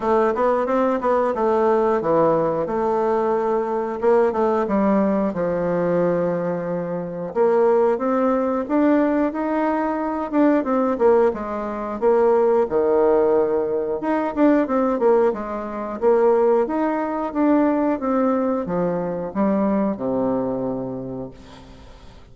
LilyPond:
\new Staff \with { instrumentName = "bassoon" } { \time 4/4 \tempo 4 = 90 a8 b8 c'8 b8 a4 e4 | a2 ais8 a8 g4 | f2. ais4 | c'4 d'4 dis'4. d'8 |
c'8 ais8 gis4 ais4 dis4~ | dis4 dis'8 d'8 c'8 ais8 gis4 | ais4 dis'4 d'4 c'4 | f4 g4 c2 | }